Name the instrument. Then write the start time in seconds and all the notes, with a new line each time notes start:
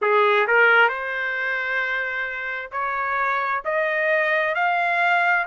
trumpet
0.01 G#4
0.47 A#4
0.88 C5
2.71 C#5
3.64 D#5
4.55 F5